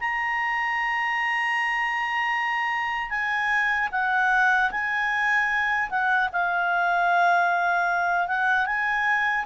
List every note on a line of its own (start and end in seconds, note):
0.00 3.10 A#5
3.10 3.89 G#5
3.92 4.71 F#5
4.71 5.90 G#5
5.90 6.29 F#5
6.32 8.28 F5
8.28 8.66 F#5
8.66 9.45 G#5